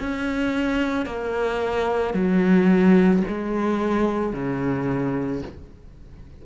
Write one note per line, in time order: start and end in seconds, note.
0.00 1.06 C#4
1.06 2.14 A#3
2.14 3.23 F#3
3.28 4.33 G#3
4.33 5.42 C#3